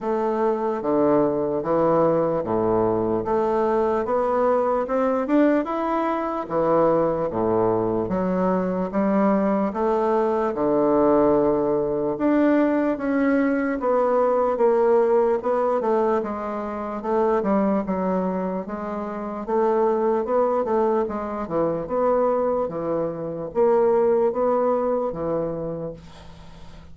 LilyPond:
\new Staff \with { instrumentName = "bassoon" } { \time 4/4 \tempo 4 = 74 a4 d4 e4 a,4 | a4 b4 c'8 d'8 e'4 | e4 a,4 fis4 g4 | a4 d2 d'4 |
cis'4 b4 ais4 b8 a8 | gis4 a8 g8 fis4 gis4 | a4 b8 a8 gis8 e8 b4 | e4 ais4 b4 e4 | }